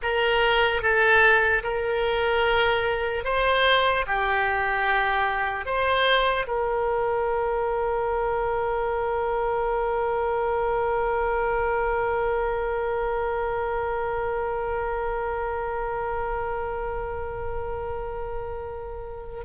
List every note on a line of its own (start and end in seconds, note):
0.02 0.81 A#4
0.81 1.63 A4
1.63 3.24 A#4
3.24 4.05 C5
4.07 5.65 G4
5.65 6.46 C5
6.47 19.44 A#4